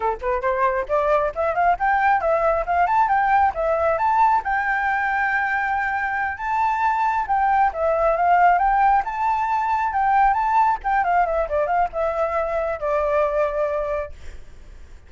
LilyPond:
\new Staff \with { instrumentName = "flute" } { \time 4/4 \tempo 4 = 136 a'8 b'8 c''4 d''4 e''8 f''8 | g''4 e''4 f''8 a''8 g''4 | e''4 a''4 g''2~ | g''2~ g''8 a''4.~ |
a''8 g''4 e''4 f''4 g''8~ | g''8 a''2 g''4 a''8~ | a''8 g''8 f''8 e''8 d''8 f''8 e''4~ | e''4 d''2. | }